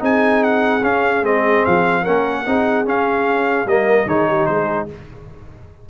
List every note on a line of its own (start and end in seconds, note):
0.00 0.83 C4
0.00 0.81 D#4
0.00 2.03 G#4
0.00 0.44 G#5
0.44 0.84 F#5
0.83 1.23 C#4
0.83 1.24 C#4
0.83 1.25 F5
1.23 1.63 G#3
1.23 2.05 C4
1.23 1.66 D#5
1.66 2.07 F3
1.66 2.05 F5
2.03 2.47 A#3
2.03 2.45 C#4
2.03 2.43 A#4
2.03 2.86 F#5
2.46 2.86 C4
2.46 2.86 D#4
2.46 3.69 G#4
2.86 3.67 C#4
2.86 3.66 C#4
2.86 3.68 F5
3.66 4.06 G3
3.66 4.08 A#3
3.66 4.09 A#4
3.66 4.09 D#5
4.07 4.47 D#3
4.07 4.89 D#4
4.07 4.29 G#4
4.07 4.46 C#5
4.29 4.49 G4
4.46 4.89 G#3
4.46 4.90 G#4
4.46 4.87 C5